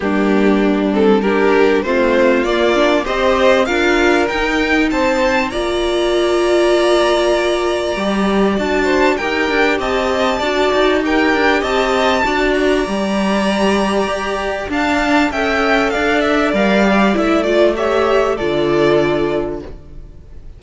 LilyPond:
<<
  \new Staff \with { instrumentName = "violin" } { \time 4/4 \tempo 4 = 98 g'4. a'8 ais'4 c''4 | d''4 dis''4 f''4 g''4 | a''4 ais''2.~ | ais''2 a''4 g''4 |
a''2 g''4 a''4~ | a''8 ais''2.~ ais''8 | a''4 g''4 f''8 e''8 f''4 | e''8 d''8 e''4 d''2 | }
  \new Staff \with { instrumentName = "violin" } { \time 4/4 d'2 g'4 f'4~ | f'4 c''4 ais'2 | c''4 d''2.~ | d''2~ d''8 c''8 ais'4 |
dis''4 d''4 ais'4 dis''4 | d''1 | f''4 e''4 d''2~ | d''4 cis''4 a'2 | }
  \new Staff \with { instrumentName = "viola" } { \time 4/4 ais4. c'8 d'4 c'4 | ais8 d'8 g'4 f'4 dis'4~ | dis'4 f'2.~ | f'4 g'4 fis'4 g'4~ |
g'4 fis'4 g'2 | fis'4 g'2. | d'4 a'2 ais'8 g'8 | e'8 f'8 g'4 f'2 | }
  \new Staff \with { instrumentName = "cello" } { \time 4/4 g2. a4 | ais4 c'4 d'4 dis'4 | c'4 ais2.~ | ais4 g4 d'4 dis'8 d'8 |
c'4 d'8 dis'4 d'8 c'4 | d'4 g2 g'4 | d'4 cis'4 d'4 g4 | a2 d2 | }
>>